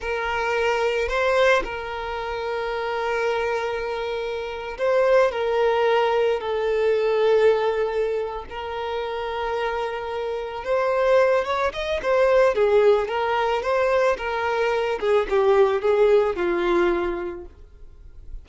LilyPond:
\new Staff \with { instrumentName = "violin" } { \time 4/4 \tempo 4 = 110 ais'2 c''4 ais'4~ | ais'1~ | ais'8. c''4 ais'2 a'16~ | a'2.~ a'8 ais'8~ |
ais'2.~ ais'8 c''8~ | c''4 cis''8 dis''8 c''4 gis'4 | ais'4 c''4 ais'4. gis'8 | g'4 gis'4 f'2 | }